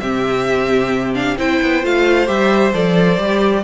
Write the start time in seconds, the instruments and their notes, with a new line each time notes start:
0.00 cello C3, viola C4, violin G4 E5
1.14 viola D4, violin F5
1.37 cello C4, viola E4, violin C5 G5
1.62 cello B3
1.82 cello A3, viola F4, violin F5
2.26 cello G3, viola G4, violin E5
2.73 cello F3, viola A4, violin D5
3.18 cello G3, viola G4